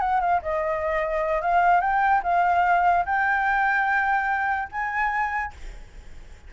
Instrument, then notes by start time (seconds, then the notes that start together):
flute
0.00 F#5
0.20 F5
0.42 D#5
1.41 F5
1.80 G5
2.23 F5
3.05 G5
4.71 G#5